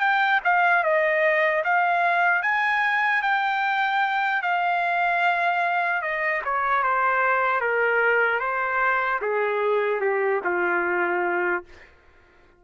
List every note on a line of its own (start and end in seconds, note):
0.00 0.40 G5
0.44 0.83 F5
0.83 1.63 D#5
1.64 2.42 F5
2.42 3.22 G#5
3.22 4.42 G5
4.42 6.01 F5
6.01 6.41 D#5
6.44 6.83 C#5
6.83 7.60 C5
7.60 8.40 A#4
8.40 9.20 C5
9.21 10.00 G#4
10.00 10.40 G4
10.44 11.64 F4